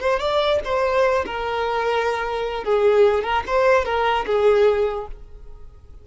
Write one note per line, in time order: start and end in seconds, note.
0.00 0.19 C5
0.19 0.60 D5
0.64 1.25 C5
1.25 2.64 A#4
2.64 3.23 G#4
3.23 3.43 A#4
3.46 3.85 C5
3.85 4.25 A#4
4.26 5.07 G#4